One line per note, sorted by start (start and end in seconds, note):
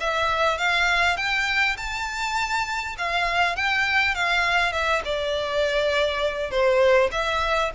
0.00 0.58 E5
0.58 1.17 F5
1.17 1.76 G5
1.77 2.96 A5
2.98 3.56 F5
3.56 4.15 G5
4.15 4.72 F5
4.72 5.02 E5
5.05 6.51 D5
6.51 7.10 C5
7.12 7.71 E5